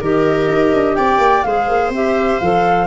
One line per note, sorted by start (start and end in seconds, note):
0.00 0.48 D#3
0.00 1.45 G4
0.00 0.96 A#4
0.00 0.96 D#5
0.48 0.72 D#4
0.73 0.97 D4
0.96 1.18 C4
0.96 1.45 D5
0.96 1.43 G5
1.18 1.42 A#3
1.43 1.68 G#3
1.43 1.93 G#4
1.43 2.87 C5
1.43 1.91 F5
1.68 1.89 A#3
1.89 2.37 C4
1.89 2.41 G4
1.89 2.40 E5
2.40 2.87 F3
2.40 2.87 A4
2.40 2.87 F5